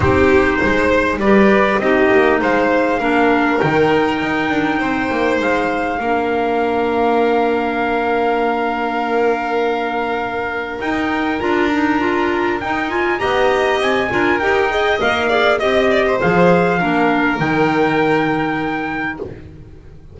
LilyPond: <<
  \new Staff \with { instrumentName = "trumpet" } { \time 4/4 \tempo 4 = 100 c''2 d''4 dis''4 | f''2 g''2~ | g''4 f''2.~ | f''1~ |
f''2 g''4 ais''4~ | ais''4 g''8 gis''8 ais''4 gis''4 | g''4 f''4 dis''4 f''4~ | f''4 g''2. | }
  \new Staff \with { instrumentName = "violin" } { \time 4/4 g'4 c''4 b'4 g'4 | c''4 ais'2. | c''2 ais'2~ | ais'1~ |
ais'1~ | ais'2 dis''4. ais'8~ | ais'8 dis''4 d''8 dis''8 d''16 c''4~ c''16 | ais'1 | }
  \new Staff \with { instrumentName = "clarinet" } { \time 4/4 dis'2 g'4 dis'4~ | dis'4 d'4 dis'2~ | dis'2 d'2~ | d'1~ |
d'2 dis'4 f'8 dis'8 | f'4 dis'8 f'8 g'4. f'8 | g'8 gis'8 ais'8 gis'8 g'4 gis'4 | d'4 dis'2. | }
  \new Staff \with { instrumentName = "double bass" } { \time 4/4 c'4 gis4 g4 c'8 ais8 | gis4 ais4 dis4 dis'8 d'8 | c'8 ais8 gis4 ais2~ | ais1~ |
ais2 dis'4 d'4~ | d'4 dis'4 b4 c'8 d'8 | dis'4 ais4 c'4 f4 | ais4 dis2. | }
>>